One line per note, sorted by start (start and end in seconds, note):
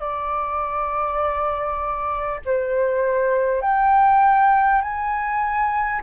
0.00 2.40 D5
2.45 3.62 C5
3.62 4.82 G5
4.82 6.02 G#5